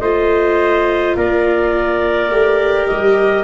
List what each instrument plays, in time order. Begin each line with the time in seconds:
0.00 tuba A3, viola F4, trumpet C5, clarinet D#5
1.16 tuba A#3, trumpet A#4, clarinet D5
2.30 tuba A3, viola G4
2.87 tuba G3, clarinet D#5